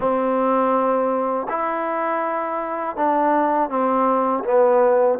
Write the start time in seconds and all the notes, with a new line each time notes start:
0.00 C4
1.49 E4
2.96 D4
3.69 C4
4.44 B3